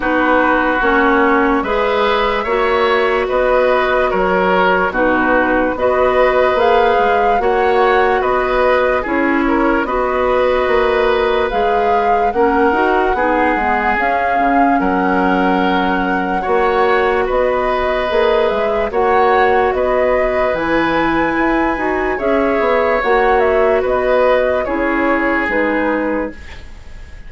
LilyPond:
<<
  \new Staff \with { instrumentName = "flute" } { \time 4/4 \tempo 4 = 73 b'4 cis''4 e''2 | dis''4 cis''4 b'4 dis''4 | f''4 fis''4 dis''4 cis''4 | dis''2 f''4 fis''4~ |
fis''4 f''4 fis''2~ | fis''4 dis''4. e''8 fis''4 | dis''4 gis''2 e''4 | fis''8 e''8 dis''4 cis''4 b'4 | }
  \new Staff \with { instrumentName = "oboe" } { \time 4/4 fis'2 b'4 cis''4 | b'4 ais'4 fis'4 b'4~ | b'4 cis''4 b'4 gis'8 ais'8 | b'2. ais'4 |
gis'2 ais'2 | cis''4 b'2 cis''4 | b'2. cis''4~ | cis''4 b'4 gis'2 | }
  \new Staff \with { instrumentName = "clarinet" } { \time 4/4 dis'4 cis'4 gis'4 fis'4~ | fis'2 dis'4 fis'4 | gis'4 fis'2 e'4 | fis'2 gis'4 cis'8 fis'8 |
dis'8 b8 cis'2. | fis'2 gis'4 fis'4~ | fis'4 e'4. fis'8 gis'4 | fis'2 e'4 dis'4 | }
  \new Staff \with { instrumentName = "bassoon" } { \time 4/4 b4 ais4 gis4 ais4 | b4 fis4 b,4 b4 | ais8 gis8 ais4 b4 cis'4 | b4 ais4 gis4 ais8 dis'8 |
b8 gis8 cis'8 cis8 fis2 | ais4 b4 ais8 gis8 ais4 | b4 e4 e'8 dis'8 cis'8 b8 | ais4 b4 cis'4 gis4 | }
>>